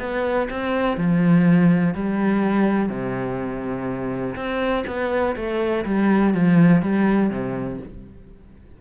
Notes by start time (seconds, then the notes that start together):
0.00 B3
0.50 C4
0.97 F3
1.95 G3
2.89 C3
4.36 C4
4.87 B3
5.36 A3
5.86 G3
6.34 F3
6.82 G3
7.30 C3